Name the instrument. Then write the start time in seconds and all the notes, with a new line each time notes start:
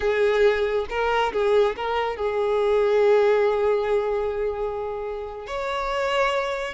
violin
0.00 G#4
0.89 A#4
1.32 G#4
1.76 A#4
2.16 G#4
5.46 C#5